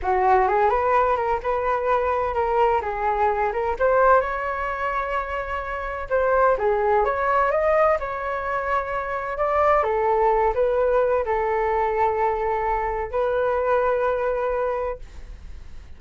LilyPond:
\new Staff \with { instrumentName = "flute" } { \time 4/4 \tempo 4 = 128 fis'4 gis'8 b'4 ais'8 b'4~ | b'4 ais'4 gis'4. ais'8 | c''4 cis''2.~ | cis''4 c''4 gis'4 cis''4 |
dis''4 cis''2. | d''4 a'4. b'4. | a'1 | b'1 | }